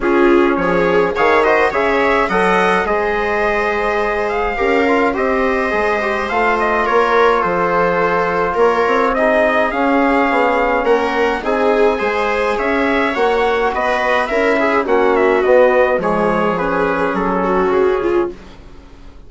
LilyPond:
<<
  \new Staff \with { instrumentName = "trumpet" } { \time 4/4 \tempo 4 = 105 gis'4 cis''4 f''8 dis''8 e''4 | fis''4 dis''2~ dis''8 f''8~ | f''4 dis''2 f''8 dis''8 | cis''4 c''2 cis''4 |
dis''4 f''2 fis''4 | gis''2 e''4 fis''4 | dis''4 e''4 fis''8 e''8 dis''4 | cis''4 b'4 a'4 gis'4 | }
  \new Staff \with { instrumentName = "viola" } { \time 4/4 f'4 gis'4 cis''8 c''8 cis''4 | dis''4 c''2. | ais'4 c''2. | ais'4 a'2 ais'4 |
gis'2. ais'4 | gis'4 c''4 cis''2 | b'4 ais'8 gis'8 fis'2 | gis'2~ gis'8 fis'4 f'8 | }
  \new Staff \with { instrumentName = "trombone" } { \time 4/4 cis'2 gis'8 fis'8 gis'4 | a'4 gis'2. | g'8 f'8 g'4 gis'8 g'8 f'4~ | f'1 |
dis'4 cis'2. | dis'4 gis'2 fis'4~ | fis'4 e'4 cis'4 b4 | gis4 cis'2. | }
  \new Staff \with { instrumentName = "bassoon" } { \time 4/4 cis'4 f4 dis4 cis4 | fis4 gis2. | cis'4 c'4 gis4 a4 | ais4 f2 ais8 c'8~ |
c'4 cis'4 b4 ais4 | c'4 gis4 cis'4 ais4 | b4 cis'4 ais4 b4 | f2 fis4 cis4 | }
>>